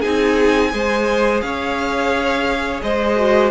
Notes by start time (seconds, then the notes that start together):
0.00 C4 D#4 G#4 G#5
0.71 G#3 G#4 C5
1.41 C#4 C#5 F5
2.82 G#3 C5 D#5
3.16 F#4